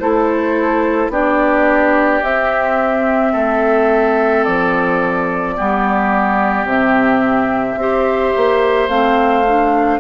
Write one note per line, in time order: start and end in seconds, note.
0.00 1.09 A3
0.00 1.12 E4
0.00 1.12 A4
0.00 1.11 C5
1.09 2.21 B3
1.09 2.23 D4
1.09 3.33 G4
1.09 2.23 D5
2.23 3.34 C4
2.23 5.57 C4
2.23 4.44 E5
3.33 4.46 A3
3.33 5.55 A4
4.44 5.59 F3
4.44 6.67 D5
5.57 6.65 G3
5.57 6.68 B3
5.57 7.79 G4
6.65 7.76 C3
6.65 7.80 C4
6.65 8.89 E5
7.77 8.32 C4
7.77 8.90 G4
7.77 10.01 C5
8.37 8.89 A#3
8.89 10.00 A3
8.89 9.45 C4
8.89 10.00 F5
9.48 10.01 D4